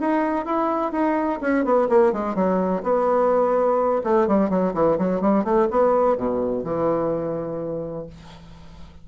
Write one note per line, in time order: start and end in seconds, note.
0.00 0.45 D#4
0.45 0.92 E4
0.92 1.39 D#4
1.41 1.65 C#4
1.65 1.88 B3
1.89 2.13 A#3
2.13 2.35 G#3
2.35 2.83 F#3
2.83 4.02 B3
4.04 4.27 A3
4.27 4.50 G3
4.50 4.74 F#3
4.74 4.98 E3
4.98 5.21 F#3
5.21 5.44 G3
5.44 5.68 A3
5.70 6.17 B3
6.17 6.64 B2
6.64 8.06 E3